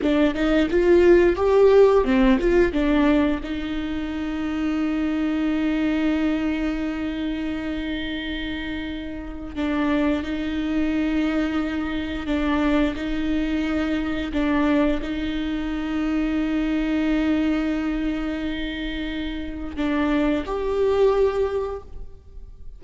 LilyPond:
\new Staff \with { instrumentName = "viola" } { \time 4/4 \tempo 4 = 88 d'8 dis'8 f'4 g'4 c'8 f'8 | d'4 dis'2.~ | dis'1~ | dis'2 d'4 dis'4~ |
dis'2 d'4 dis'4~ | dis'4 d'4 dis'2~ | dis'1~ | dis'4 d'4 g'2 | }